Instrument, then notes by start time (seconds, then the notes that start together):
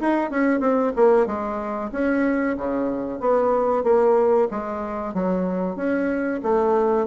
bassoon
0.00 D#4
0.30 C#4
0.60 C4
0.96 A#3
1.26 G#3
1.92 C#4
2.57 C#3
3.20 B3
3.83 A#3
4.50 G#3
5.14 F#3
5.76 C#4
6.43 A3